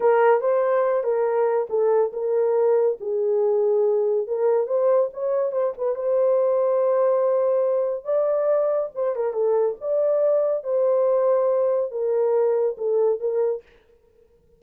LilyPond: \new Staff \with { instrumentName = "horn" } { \time 4/4 \tempo 4 = 141 ais'4 c''4. ais'4. | a'4 ais'2 gis'4~ | gis'2 ais'4 c''4 | cis''4 c''8 b'8 c''2~ |
c''2. d''4~ | d''4 c''8 ais'8 a'4 d''4~ | d''4 c''2. | ais'2 a'4 ais'4 | }